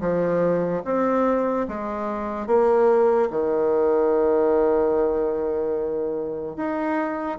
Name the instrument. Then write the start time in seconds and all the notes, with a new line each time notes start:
bassoon
0.00 F3
0.84 C4
1.68 G#3
2.46 A#3
3.30 D#3
6.56 D#4